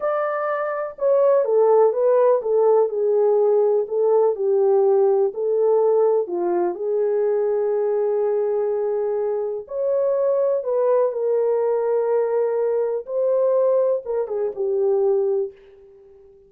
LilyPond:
\new Staff \with { instrumentName = "horn" } { \time 4/4 \tempo 4 = 124 d''2 cis''4 a'4 | b'4 a'4 gis'2 | a'4 g'2 a'4~ | a'4 f'4 gis'2~ |
gis'1 | cis''2 b'4 ais'4~ | ais'2. c''4~ | c''4 ais'8 gis'8 g'2 | }